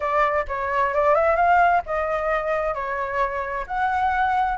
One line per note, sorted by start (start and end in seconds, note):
0.00 0.45 D5
0.48 0.93 C#5
0.94 1.15 D5
1.15 1.36 E5
1.36 1.82 F5
1.85 2.74 D#5
2.74 3.66 C#5
3.66 4.57 F#5